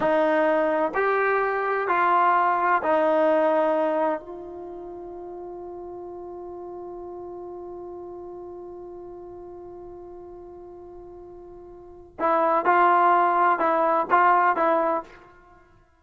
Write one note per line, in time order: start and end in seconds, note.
0.00 0.92 D#4
0.94 1.88 G4
1.88 2.81 F4
2.82 4.20 D#4
4.20 12.16 F4
12.19 12.65 E4
12.65 13.59 F4
13.59 14.06 E4
14.10 14.56 F4
14.56 15.03 E4